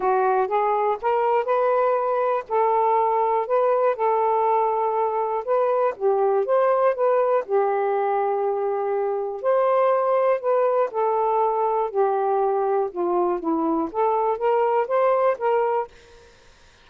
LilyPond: \new Staff \with { instrumentName = "saxophone" } { \time 4/4 \tempo 4 = 121 fis'4 gis'4 ais'4 b'4~ | b'4 a'2 b'4 | a'2. b'4 | g'4 c''4 b'4 g'4~ |
g'2. c''4~ | c''4 b'4 a'2 | g'2 f'4 e'4 | a'4 ais'4 c''4 ais'4 | }